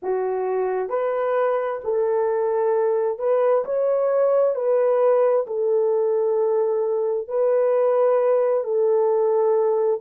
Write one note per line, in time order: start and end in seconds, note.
0.02 0.88 F#4
0.88 1.79 B4
1.83 3.18 A4
3.18 3.64 B4
3.64 4.55 C#5
4.55 5.45 B4
5.46 7.27 A4
7.27 8.64 B4
8.64 10.00 A4